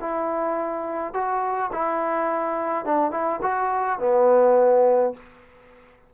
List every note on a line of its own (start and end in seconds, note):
0.00 1.14 E4
1.14 1.71 F#4
1.72 2.85 E4
2.85 3.11 D4
3.11 3.40 E4
3.42 3.99 F#4
3.99 5.14 B3